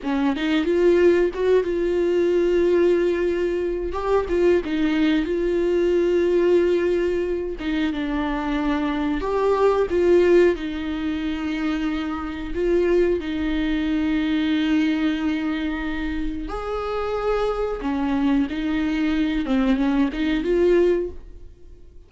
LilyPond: \new Staff \with { instrumentName = "viola" } { \time 4/4 \tempo 4 = 91 cis'8 dis'8 f'4 fis'8 f'4.~ | f'2 g'8 f'8 dis'4 | f'2.~ f'8 dis'8 | d'2 g'4 f'4 |
dis'2. f'4 | dis'1~ | dis'4 gis'2 cis'4 | dis'4. c'8 cis'8 dis'8 f'4 | }